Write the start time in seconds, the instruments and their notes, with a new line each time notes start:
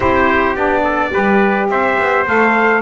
0.00 double bass C4, saxophone E4, trumpet G4 C5
0.55 double bass B3, saxophone D4, trumpet D5
0.83 trumpet A4
1.12 double bass G3, saxophone G4, trumpet B4
1.69 double bass C4, trumpet C5 E5
1.98 double bass B3
2.26 double bass A3, saxophone A4, trumpet F5